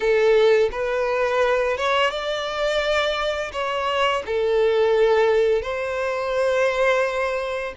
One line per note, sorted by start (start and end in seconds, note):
0.00 0.69 A4
0.71 1.76 B4
1.76 2.10 C#5
2.10 3.51 D5
3.52 4.23 C#5
4.25 5.61 A4
5.61 7.73 C5